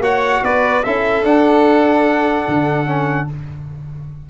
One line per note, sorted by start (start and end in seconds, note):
0.00 0.41 A#3
0.00 0.84 F#4
0.00 0.44 C#5
0.00 0.45 F#5
0.43 0.84 B3
0.43 0.85 B4
0.43 0.83 D5
0.83 1.24 C#4
0.83 1.25 E4
0.83 3.30 A4
0.83 1.24 E5
1.24 2.47 D4
1.24 2.86 D4
1.24 3.29 F#5
2.48 3.30 D3
2.86 3.27 C#4